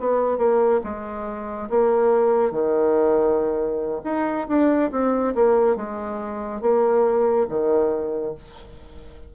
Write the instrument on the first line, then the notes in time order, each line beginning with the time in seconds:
bassoon
0.00 B3
0.38 A#3
0.84 G#3
1.70 A#3
2.52 D#3
4.05 D#4
4.48 D4
4.92 C4
5.35 A#3
5.77 G#3
6.62 A#3
7.49 D#3